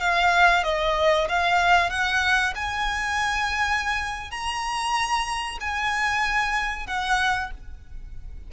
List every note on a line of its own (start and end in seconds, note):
0.00 0.63 F5
0.63 1.27 D#5
1.28 1.89 F5
1.89 2.53 F#5
2.55 4.31 G#5
4.31 5.58 A#5
5.60 6.87 G#5
6.87 7.51 F#5